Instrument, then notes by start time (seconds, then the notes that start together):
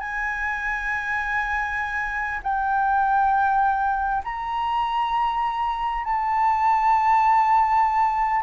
flute
0.00 G#5
2.43 G5
4.24 A#5
6.04 A5